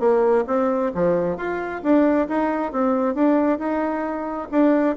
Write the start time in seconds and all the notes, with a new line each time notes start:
0.00 A#3
0.47 C4
0.95 F3
1.37 F4
1.83 D4
2.28 D#4
2.72 C4
3.15 D4
3.59 D#4
4.51 D4